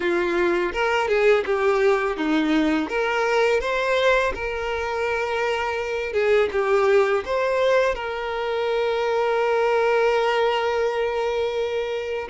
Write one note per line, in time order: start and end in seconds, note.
0.00 0.72 F4
0.73 1.07 A#4
1.07 1.44 G#4
1.45 2.17 G4
2.17 2.88 D#4
2.88 3.60 A#4
3.60 4.32 C5
4.34 6.12 A#4
6.12 6.49 G#4
6.52 7.24 G4
7.25 7.95 C5
7.95 12.28 A#4